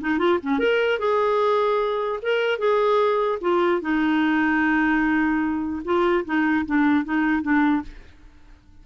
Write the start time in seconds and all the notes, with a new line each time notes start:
0.00 D#4
0.18 F4
0.42 C#4
0.59 A#4
0.99 G#4
2.22 A#4
2.58 G#4
3.41 F4
3.81 D#4
5.84 F4
6.25 D#4
6.65 D4
7.04 D#4
7.42 D4